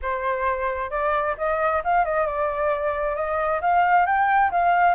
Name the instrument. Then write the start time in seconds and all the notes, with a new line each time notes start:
flute
0.02 C5
0.90 D5
1.37 D#5
1.84 F5
2.04 D#5
2.26 D5
3.15 D#5
3.61 F5
4.05 G5
4.51 F5